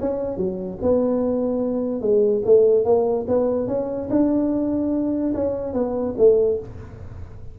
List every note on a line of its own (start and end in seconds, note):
0.00 0.37 C#4
0.37 0.78 F#3
0.82 2.01 B3
2.01 2.42 G#3
2.45 2.84 A3
2.84 3.26 A#3
3.28 3.68 B3
3.68 4.09 C#4
4.10 5.33 D4
5.34 5.73 C#4
5.73 6.15 B3
6.18 6.59 A3